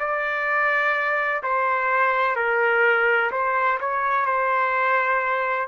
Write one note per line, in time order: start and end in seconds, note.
0.00 1.43 D5
1.43 2.36 C5
2.36 3.31 A#4
3.32 3.79 C5
3.81 4.26 C#5
4.26 5.68 C5